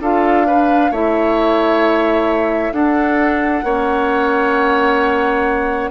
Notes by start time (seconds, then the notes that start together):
0.00 D4 F4 A4 F5
0.47 D4 B4
0.91 A3 E4 C#5 E5
2.72 D4 A4 F#5
3.63 A#3 C#4 C#5